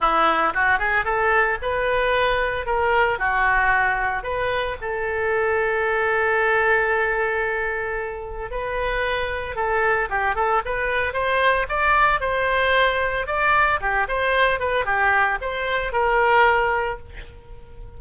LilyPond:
\new Staff \with { instrumentName = "oboe" } { \time 4/4 \tempo 4 = 113 e'4 fis'8 gis'8 a'4 b'4~ | b'4 ais'4 fis'2 | b'4 a'2.~ | a'1 |
b'2 a'4 g'8 a'8 | b'4 c''4 d''4 c''4~ | c''4 d''4 g'8 c''4 b'8 | g'4 c''4 ais'2 | }